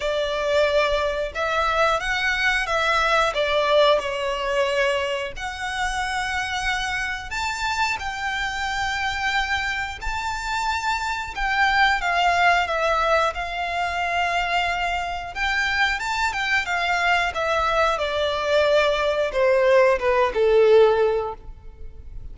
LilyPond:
\new Staff \with { instrumentName = "violin" } { \time 4/4 \tempo 4 = 90 d''2 e''4 fis''4 | e''4 d''4 cis''2 | fis''2. a''4 | g''2. a''4~ |
a''4 g''4 f''4 e''4 | f''2. g''4 | a''8 g''8 f''4 e''4 d''4~ | d''4 c''4 b'8 a'4. | }